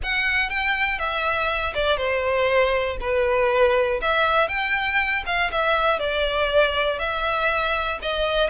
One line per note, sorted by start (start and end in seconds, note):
0.02 0.49 F#5
0.49 0.98 G5
0.98 1.73 E5
1.74 1.97 D5
1.97 2.97 C5
3.00 4.00 B4
4.01 4.48 E5
4.48 5.23 G5
5.25 5.50 F5
5.51 5.99 E5
5.99 6.98 D5
6.98 7.98 E5
8.01 8.49 D#5